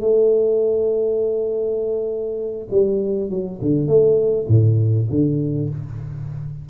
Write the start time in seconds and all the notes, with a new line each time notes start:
0.00 A3
2.71 G3
3.29 F#3
3.61 D3
3.87 A3
4.48 A2
5.10 D3